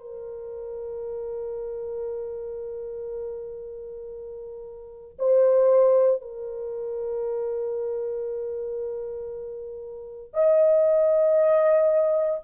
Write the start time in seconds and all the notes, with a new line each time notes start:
0.00 A#4
5.19 C5
6.22 A#4
10.34 D#5